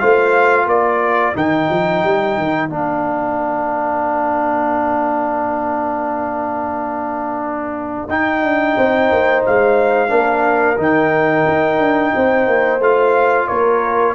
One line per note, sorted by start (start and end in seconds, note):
0.00 0.66 A3
0.00 1.35 F4
0.00 0.65 C5
0.00 0.67 F5
0.65 1.34 A#3
0.65 8.74 A#4
0.65 1.36 D5
1.35 1.69 D#3
1.35 2.70 D#4
1.35 2.70 G5
1.70 2.04 F3
2.04 2.37 G3
2.38 2.69 D#3
2.69 8.08 A#3
2.69 8.09 D4
2.69 8.09 F5
8.08 8.42 D#4
8.08 10.09 D#4
8.08 9.44 G5
8.42 8.76 D4
8.77 9.11 C4
8.77 10.10 C5
9.12 9.46 A#3
9.46 10.11 G#3
9.46 10.81 F5
10.09 10.78 A#3
10.09 10.76 D4
10.09 12.13 A#4
10.78 11.45 D#3
10.78 12.80 D#4
10.78 12.83 G5
11.47 11.79 D#4
11.79 12.12 D4
12.16 12.47 C4
12.16 13.49 C5
12.47 12.80 A#3
12.80 13.47 A3
12.80 14.15 F4
12.80 13.48 F5
13.48 14.15 A#3
13.48 14.15 A#4
13.48 14.15 C#5